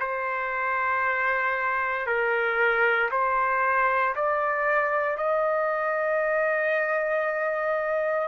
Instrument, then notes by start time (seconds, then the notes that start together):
trumpet
0.00 C5
2.06 A#4
3.11 C5
4.16 D5
5.17 D#5